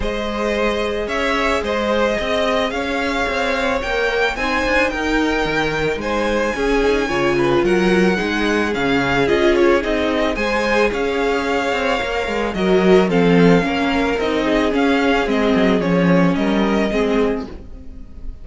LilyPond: <<
  \new Staff \with { instrumentName = "violin" } { \time 4/4 \tempo 4 = 110 dis''2 e''4 dis''4~ | dis''4 f''2 g''4 | gis''4 g''2 gis''4~ | gis''2 fis''2 |
f''4 dis''8 cis''8 dis''4 gis''4 | f''2. dis''4 | f''2 dis''4 f''4 | dis''4 cis''4 dis''2 | }
  \new Staff \with { instrumentName = "violin" } { \time 4/4 c''2 cis''4 c''4 | dis''4 cis''2. | c''4 ais'2 c''4 | gis'4 cis''8 b'8 ais'4 gis'4~ |
gis'2. c''4 | cis''2. ais'4 | a'4 ais'4. gis'4.~ | gis'2 ais'4 gis'4 | }
  \new Staff \with { instrumentName = "viola" } { \time 4/4 gis'1~ | gis'2. ais'4 | dis'1 | cis'8 dis'8 f'2 dis'4 |
cis'4 f'4 dis'4 gis'4~ | gis'2 ais'4 fis'4 | c'4 cis'4 dis'4 cis'4 | c'4 cis'2 c'4 | }
  \new Staff \with { instrumentName = "cello" } { \time 4/4 gis2 cis'4 gis4 | c'4 cis'4 c'4 ais4 | c'8 d'8 dis'4 dis4 gis4 | cis'4 cis4 fis4 gis4 |
cis4 cis'4 c'4 gis4 | cis'4. c'8 ais8 gis8 fis4 | f4 ais4 c'4 cis'4 | gis8 fis8 f4 g4 gis4 | }
>>